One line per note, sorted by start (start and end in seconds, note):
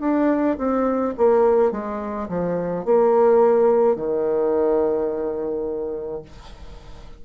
0.00 0.57 D4
0.58 1.14 C4
1.17 1.71 A#3
1.71 2.27 G#3
2.28 2.85 F3
2.85 3.96 A#3
3.96 6.22 D#3